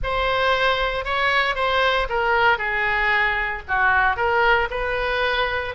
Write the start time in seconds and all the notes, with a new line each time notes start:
0.03 C5
1.04 C#5
1.55 C5
2.09 A#4
2.58 G#4
3.68 F#4
4.16 A#4
4.70 B4